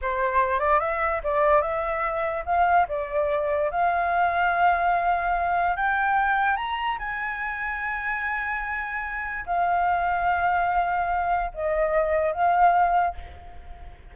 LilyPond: \new Staff \with { instrumentName = "flute" } { \time 4/4 \tempo 4 = 146 c''4. d''8 e''4 d''4 | e''2 f''4 d''4~ | d''4 f''2.~ | f''2 g''2 |
ais''4 gis''2.~ | gis''2. f''4~ | f''1 | dis''2 f''2 | }